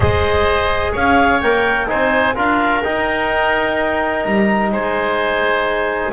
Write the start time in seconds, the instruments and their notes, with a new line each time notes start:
0.00 double bass G#3, trombone G#4, oboe C5, clarinet D#5
0.92 double bass C#4, oboe C#5, clarinet F5
1.41 double bass A#3, trombone A#4, clarinet G5
1.87 double bass C4, trombone D#4, oboe C5, clarinet G#5
2.35 double bass D4, trombone F4, oboe A#4, clarinet F5
2.83 trombone D#4, double bass D#4, clarinet G5
4.23 double bass G3, clarinet A#5
4.71 double bass G#3, oboe C5, clarinet G#5